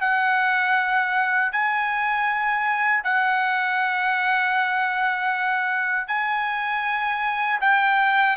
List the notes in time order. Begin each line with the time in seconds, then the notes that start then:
0.00 F#5
1.52 G#5
3.03 F#5
6.07 G#5
7.61 G5